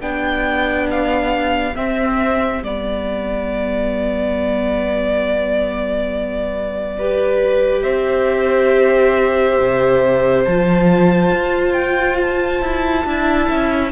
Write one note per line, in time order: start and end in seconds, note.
0.00 1.75 B3
0.00 1.74 D4
0.00 6.96 G4
0.00 0.87 G5
0.90 1.76 F5
1.75 2.62 C4
1.75 2.63 E5
2.62 7.84 G3
2.62 6.99 B3
2.62 7.82 D5
6.98 10.47 G4
6.98 7.83 B4
7.82 9.58 C4
7.82 13.05 C5
7.82 10.42 E5
9.59 10.46 C3
10.45 11.31 F3
10.45 13.06 F4
10.45 11.72 A5
11.31 12.61 F4
11.72 12.16 G5
12.22 13.92 A5
12.61 13.05 E4
13.05 13.49 D4
13.05 13.92 E4
13.05 13.92 E5
13.49 13.92 C#4